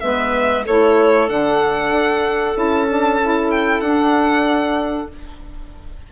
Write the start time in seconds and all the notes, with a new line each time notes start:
0.00 G#3 B3 B4 E5
0.65 A3 E4 A4 C#5
1.27 D3 D4 F#5
1.92 D4
2.55 C#4 E4 A5
2.88 D4
3.22 E4
3.51 G5
3.81 D4 F#5